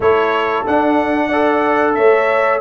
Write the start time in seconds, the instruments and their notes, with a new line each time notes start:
0.00 tuba A3, trombone E4, horn A4, trumpet C#5
0.66 trombone D4, tuba D4, trumpet F#5
1.27 trombone A4, horn D5
1.94 tuba A3, horn C#5, trumpet E5